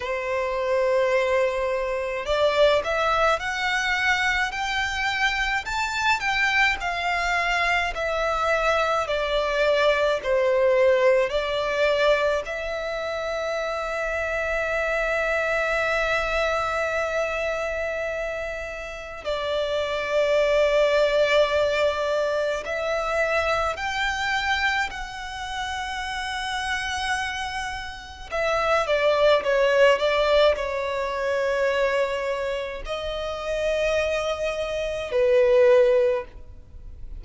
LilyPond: \new Staff \with { instrumentName = "violin" } { \time 4/4 \tempo 4 = 53 c''2 d''8 e''8 fis''4 | g''4 a''8 g''8 f''4 e''4 | d''4 c''4 d''4 e''4~ | e''1~ |
e''4 d''2. | e''4 g''4 fis''2~ | fis''4 e''8 d''8 cis''8 d''8 cis''4~ | cis''4 dis''2 b'4 | }